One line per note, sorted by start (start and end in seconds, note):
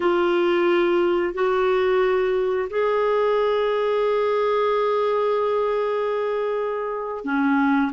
0.00 1.34 F4
1.34 2.68 F#4
2.70 7.24 G#4
7.24 7.91 C#4